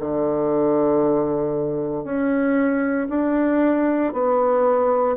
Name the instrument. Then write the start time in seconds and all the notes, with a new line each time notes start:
bassoon
0.00 D3
2.04 C#4
3.09 D4
4.13 B3